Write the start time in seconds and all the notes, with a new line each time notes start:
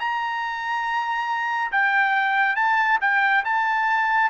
0.00 A#5
1.72 G5
2.56 A5
3.01 G5
3.45 A5